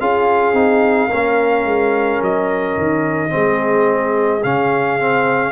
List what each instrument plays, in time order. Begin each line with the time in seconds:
0.00 tuba C#4, trombone F4, horn G#4, trumpet F5
0.53 tuba C4, trombone D#4
1.07 tuba A#3, trombone C#4, horn A#4
1.64 tuba G#3
2.21 tuba F#3, trumpet D#5
2.77 tuba D#3
3.29 tuba G#3, trombone C4, horn G#4
4.43 tuba C#3, trombone C#4, trumpet F5
4.99 trombone C4